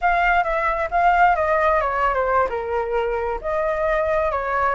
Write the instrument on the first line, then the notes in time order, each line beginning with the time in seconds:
flute
0.01 F5
0.43 E5
0.90 F5
1.35 D#5
1.80 C#5
2.14 C5
2.49 A#4
3.41 D#5
4.31 C#5